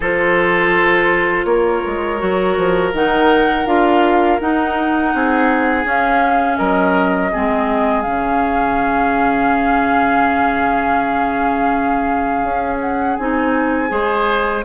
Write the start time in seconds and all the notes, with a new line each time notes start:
0.00 F3 F4 A4 C5
1.44 A#3 A#4 C#5
1.86 G#3
2.19 F#3 F#4
2.57 F3
2.92 D#3 D#4 F#5
3.65 D4 F4 F5
4.40 D#4 F#5
5.14 C4 G#4
5.84 C#4 F5
6.57 F#3 A#4 D#5
7.31 G#3 C4 G#4
8.01 C#3 C#4 F5
12.43 C#4
12.80 F#5
13.16 C4 D#4 G#5
13.88 G#3 G#4 C5